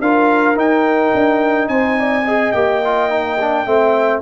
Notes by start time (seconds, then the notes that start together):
0.00 D4 F4 A#4 F5
0.55 D#4 G5
1.14 D4
1.68 C4 C5 G#5
1.99 D5
2.25 G#4 D#5
2.51 A#3 G4 G5
2.84 F4
3.09 D#4
3.40 D4
3.66 A3 C4 E5